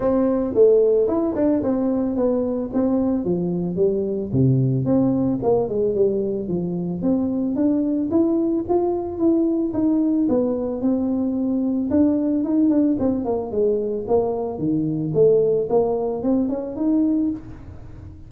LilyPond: \new Staff \with { instrumentName = "tuba" } { \time 4/4 \tempo 4 = 111 c'4 a4 e'8 d'8 c'4 | b4 c'4 f4 g4 | c4 c'4 ais8 gis8 g4 | f4 c'4 d'4 e'4 |
f'4 e'4 dis'4 b4 | c'2 d'4 dis'8 d'8 | c'8 ais8 gis4 ais4 dis4 | a4 ais4 c'8 cis'8 dis'4 | }